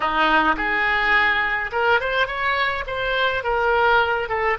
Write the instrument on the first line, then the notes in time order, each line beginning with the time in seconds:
oboe
0.00 D#4
0.56 G#4
1.71 A#4
2.00 C5
2.27 C#5
2.86 C5
3.43 A#4
4.29 A4